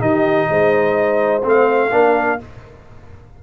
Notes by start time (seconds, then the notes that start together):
0.00 D#3 D#4 G4 D#5
0.50 G#3 C5
1.44 A3 C4 F5
1.92 A#3 D4 A#4